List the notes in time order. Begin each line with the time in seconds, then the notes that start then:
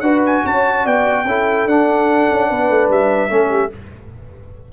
0.00 D4 F#4 B4 F#5
0.25 G#5
0.45 C#4 C#5 A5
0.84 B3 D5 G5
1.24 C#4 E4 A4
1.65 D4 F#5
2.30 C#4
2.49 B3 B4
2.70 A3
2.89 G3 E5
3.29 A3 C#4 A4
3.50 G4